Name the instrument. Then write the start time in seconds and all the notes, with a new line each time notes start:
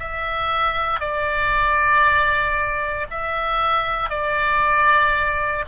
oboe
0.00 E5
1.00 D5
3.11 E5
4.10 D5